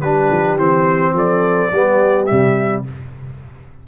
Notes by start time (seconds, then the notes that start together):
0.00 G3 D4 G4 B4
0.31 F3
0.57 E3 C4 C5
1.13 F3 A4 D5
1.71 G3 B3 G4
2.26 C3 G3 E5